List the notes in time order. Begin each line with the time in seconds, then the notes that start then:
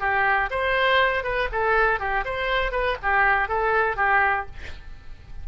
0.00 G4
0.50 C5
1.24 B4
1.52 A4
1.99 G4
2.25 C5
2.72 B4
3.02 G4
3.48 A4
3.96 G4